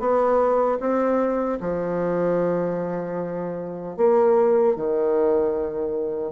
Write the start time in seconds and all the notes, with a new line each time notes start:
0.00 B3
0.80 C4
1.61 F3
3.98 A#3
4.77 D#3